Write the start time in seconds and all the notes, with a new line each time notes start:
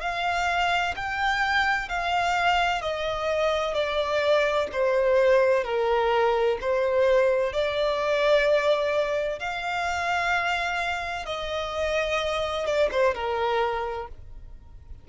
0.00 F5
0.95 G5
1.88 F5
2.81 D#5
3.73 D5
4.72 C5
5.64 A#4
6.61 C5
7.53 D5
9.39 F5
11.25 D#5
12.65 D5
12.91 C5
13.14 A#4